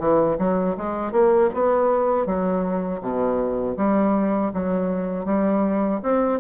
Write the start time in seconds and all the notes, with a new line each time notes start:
0.00 E3
0.39 F#3
0.78 G#3
1.12 A#3
1.55 B3
2.26 F#3
3.02 B2
3.77 G3
4.54 F#3
5.26 G3
6.03 C4